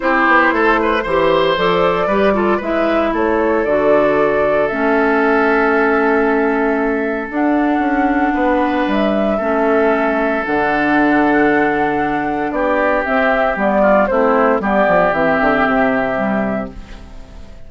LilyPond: <<
  \new Staff \with { instrumentName = "flute" } { \time 4/4 \tempo 4 = 115 c''2. d''4~ | d''4 e''4 cis''4 d''4~ | d''4 e''2.~ | e''2 fis''2~ |
fis''4 e''2. | fis''1 | d''4 e''4 d''4 c''4 | d''4 e''2. | }
  \new Staff \with { instrumentName = "oboe" } { \time 4/4 g'4 a'8 b'8 c''2 | b'8 a'8 b'4 a'2~ | a'1~ | a'1 |
b'2 a'2~ | a'1 | g'2~ g'8 f'8 e'4 | g'1 | }
  \new Staff \with { instrumentName = "clarinet" } { \time 4/4 e'2 g'4 a'4 | g'8 f'8 e'2 fis'4~ | fis'4 cis'2.~ | cis'2 d'2~ |
d'2 cis'2 | d'1~ | d'4 c'4 b4 c'4 | b4 c'2 g4 | }
  \new Staff \with { instrumentName = "bassoon" } { \time 4/4 c'8 b8 a4 e4 f4 | g4 gis4 a4 d4~ | d4 a2.~ | a2 d'4 cis'4 |
b4 g4 a2 | d1 | b4 c'4 g4 a4 | g8 f8 e8 d8 c2 | }
>>